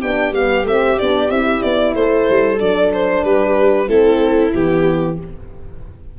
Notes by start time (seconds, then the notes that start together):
0.00 B3 D4 G4 G5
0.32 G3 B3 F5
0.64 A3 C4 E5
0.99 B3 D4 D5
1.29 C4 E4 E5
1.62 B3 D5
1.95 A3 A4 C5
2.30 G3
2.59 F#3 D4 D5
2.94 C5
3.24 G3 G4 B4
3.88 A3 C4 E4 A4
4.54 E3 B3 G4